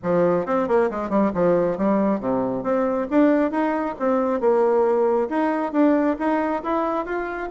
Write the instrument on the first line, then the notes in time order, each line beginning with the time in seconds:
bassoon
0.02 F3
0.46 C4
0.68 A#3
0.90 G#3
1.09 G3
1.34 F3
1.77 G3
2.19 C3
2.63 C4
3.10 D4
3.51 D#4
3.99 C4
4.40 A#3
5.29 D#4
5.72 D4
6.18 D#4
6.63 E4
7.05 F4